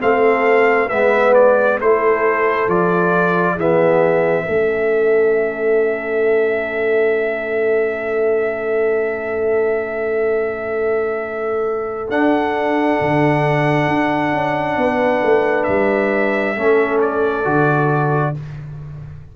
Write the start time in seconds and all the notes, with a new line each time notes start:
0.00 A3 C4 A4 F5
0.89 G#3 B3 B4 E5
1.35 D5
1.81 A3 E4 A4 C5
2.68 F3 F4 D5
3.54 E3 B3 G#4 E5
4.45 A3 C#4 A4
12.08 D4 F#5
13.01 D3
13.88 D4
14.32 C#4
14.77 B3 B4
15.23 A3
15.64 G3 E5
16.57 A3 C#4 A4
17.02 D5
17.45 D3 F#4